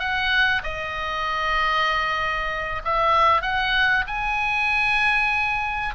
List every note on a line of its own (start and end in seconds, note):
0.00 0.62 F#5
0.64 2.82 D#5
2.85 3.42 E5
3.42 4.05 F#5
4.08 5.95 G#5